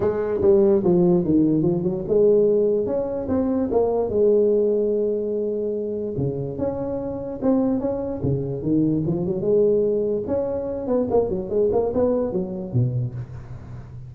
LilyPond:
\new Staff \with { instrumentName = "tuba" } { \time 4/4 \tempo 4 = 146 gis4 g4 f4 dis4 | f8 fis8 gis2 cis'4 | c'4 ais4 gis2~ | gis2. cis4 |
cis'2 c'4 cis'4 | cis4 dis4 f8 fis8 gis4~ | gis4 cis'4. b8 ais8 fis8 | gis8 ais8 b4 fis4 b,4 | }